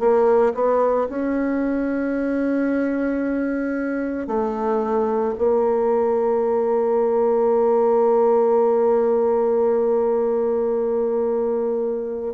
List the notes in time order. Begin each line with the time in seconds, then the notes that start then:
0.00 A#3
0.55 B3
1.10 C#4
4.28 A3
5.39 A#3